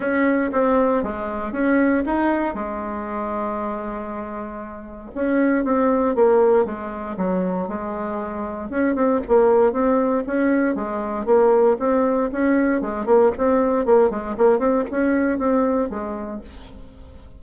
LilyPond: \new Staff \with { instrumentName = "bassoon" } { \time 4/4 \tempo 4 = 117 cis'4 c'4 gis4 cis'4 | dis'4 gis2.~ | gis2 cis'4 c'4 | ais4 gis4 fis4 gis4~ |
gis4 cis'8 c'8 ais4 c'4 | cis'4 gis4 ais4 c'4 | cis'4 gis8 ais8 c'4 ais8 gis8 | ais8 c'8 cis'4 c'4 gis4 | }